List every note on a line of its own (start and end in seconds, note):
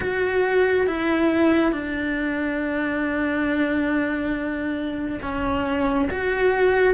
0.00 0.86 F#4
0.86 1.72 E4
1.72 5.19 D4
5.22 6.09 C#4
6.10 6.94 F#4